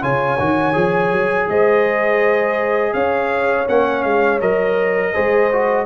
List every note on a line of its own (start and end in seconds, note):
0.00 0.39 C#3
0.00 0.37 F4
0.00 1.46 C#5
0.00 1.49 G#5
0.39 0.75 D#3
0.39 0.73 F#4
0.73 1.11 F3
0.73 3.66 G#4
1.11 1.47 F#3
1.48 2.93 G#3
1.48 2.93 C5
1.48 2.93 D#5
2.93 3.66 C#4
2.93 5.12 C#5
2.93 3.66 F5
3.68 4.04 A#3
3.68 4.40 C#4
3.68 4.02 F#5
4.02 4.40 G#3
4.02 4.39 F5
4.40 5.13 F#3
4.40 5.13 A#4
4.40 5.85 D#5
5.12 5.85 G#3
5.12 5.50 G#4
5.12 5.85 C5
5.52 5.85 F#4